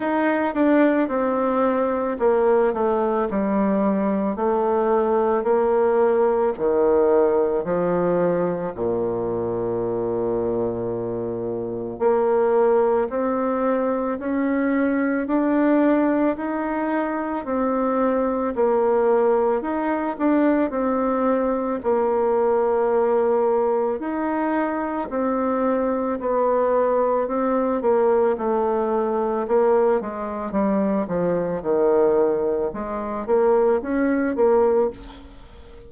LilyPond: \new Staff \with { instrumentName = "bassoon" } { \time 4/4 \tempo 4 = 55 dis'8 d'8 c'4 ais8 a8 g4 | a4 ais4 dis4 f4 | ais,2. ais4 | c'4 cis'4 d'4 dis'4 |
c'4 ais4 dis'8 d'8 c'4 | ais2 dis'4 c'4 | b4 c'8 ais8 a4 ais8 gis8 | g8 f8 dis4 gis8 ais8 cis'8 ais8 | }